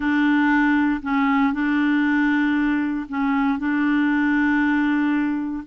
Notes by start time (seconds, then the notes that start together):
0.00 D4
1.02 C#4
1.53 D4
3.08 C#4
3.58 D4